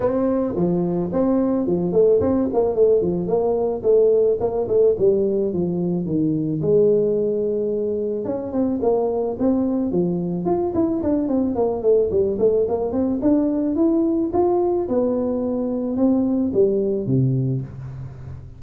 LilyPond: \new Staff \with { instrumentName = "tuba" } { \time 4/4 \tempo 4 = 109 c'4 f4 c'4 f8 a8 | c'8 ais8 a8 f8 ais4 a4 | ais8 a8 g4 f4 dis4 | gis2. cis'8 c'8 |
ais4 c'4 f4 f'8 e'8 | d'8 c'8 ais8 a8 g8 a8 ais8 c'8 | d'4 e'4 f'4 b4~ | b4 c'4 g4 c4 | }